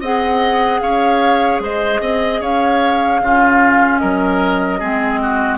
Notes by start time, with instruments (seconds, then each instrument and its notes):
0.00 bassoon C4, clarinet G#4, oboe D#5, flute F#5
0.80 bassoon C#4, oboe C#5, flute F5
1.59 bassoon G#3, oboe C5, flute D#5
2.01 bassoon C4, oboe D#5
2.40 bassoon C#4, oboe C#5, flute F5
3.20 bassoon C#3, clarinet C#4, oboe F4
3.98 bassoon F#3, oboe A#4, flute D#5
4.79 bassoon G#3, clarinet C4, oboe G#4
5.22 oboe F#4